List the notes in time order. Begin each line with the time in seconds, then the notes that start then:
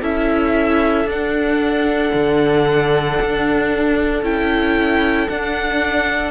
0.00 C#4 E4 A4 E5
1.05 D4 F#5
2.13 D3
3.21 D4
4.22 C#4 E4 G5
5.29 D4 F#5